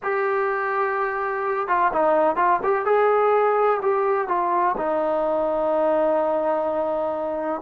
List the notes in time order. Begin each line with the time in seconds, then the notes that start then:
0.03 G4
1.67 F4
1.92 D#4
2.35 F4
2.63 G4
2.85 G#4
3.82 G4
4.28 F4
4.77 D#4